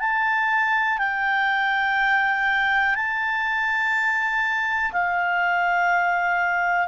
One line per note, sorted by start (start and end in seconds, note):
0.00 0.98 A5
0.98 2.95 G5
2.96 4.92 A5
4.92 6.88 F5